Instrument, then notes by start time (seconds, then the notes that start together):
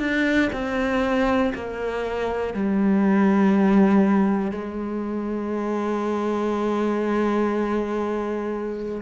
cello
0.00 D4
0.53 C4
1.55 A#3
2.54 G3
4.52 G#3